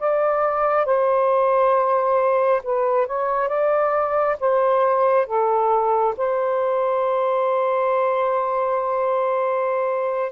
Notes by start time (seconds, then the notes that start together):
0.00 D5
0.85 C5
2.64 B4
3.07 C#5
3.49 D5
4.40 C5
5.26 A4
6.17 C5